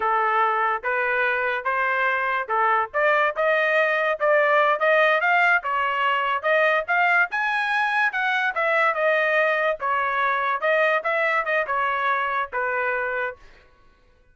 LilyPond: \new Staff \with { instrumentName = "trumpet" } { \time 4/4 \tempo 4 = 144 a'2 b'2 | c''2 a'4 d''4 | dis''2 d''4. dis''8~ | dis''8 f''4 cis''2 dis''8~ |
dis''8 f''4 gis''2 fis''8~ | fis''8 e''4 dis''2 cis''8~ | cis''4. dis''4 e''4 dis''8 | cis''2 b'2 | }